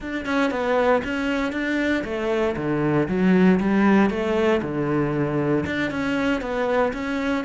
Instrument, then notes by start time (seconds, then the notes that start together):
cello
0.00 D4
0.25 C#4
0.50 B3
1.04 C#4
1.52 D4
2.04 A3
2.56 D3
3.08 F#3
3.59 G3
4.10 A3
4.62 D3
5.65 D4
5.90 C#4
6.41 B3
6.93 C#4